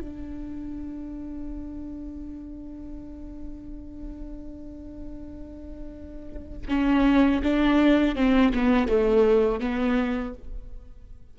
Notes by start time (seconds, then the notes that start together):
0.00 D4
6.68 C#4
7.43 D4
8.15 C4
8.53 B3
8.87 A3
9.60 B3